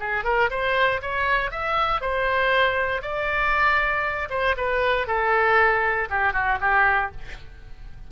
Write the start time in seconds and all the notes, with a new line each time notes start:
0.00 G#4
0.24 A#4
0.50 C5
1.02 C#5
1.51 E5
2.01 C5
3.02 D5
4.30 C5
4.57 B4
5.07 A4
6.10 G4
6.33 F#4
6.61 G4